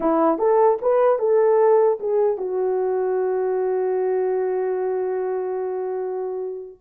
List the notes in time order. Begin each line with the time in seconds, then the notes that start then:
0.00 E4
0.38 A4
0.81 B4
1.18 A4
2.00 G#4
2.37 F#4